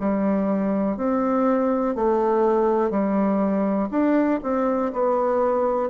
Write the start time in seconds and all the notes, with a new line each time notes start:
0.00 G3
0.97 C4
1.95 A3
2.91 G3
3.91 D4
4.43 C4
4.93 B3